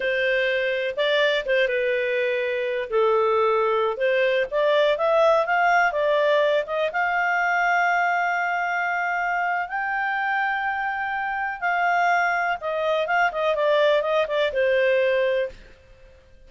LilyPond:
\new Staff \with { instrumentName = "clarinet" } { \time 4/4 \tempo 4 = 124 c''2 d''4 c''8 b'8~ | b'2 a'2~ | a'16 c''4 d''4 e''4 f''8.~ | f''16 d''4. dis''8 f''4.~ f''16~ |
f''1 | g''1 | f''2 dis''4 f''8 dis''8 | d''4 dis''8 d''8 c''2 | }